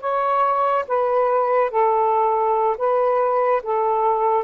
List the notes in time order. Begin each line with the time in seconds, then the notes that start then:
0.00 C#5
0.88 B4
1.71 A4
2.77 B4
3.63 A4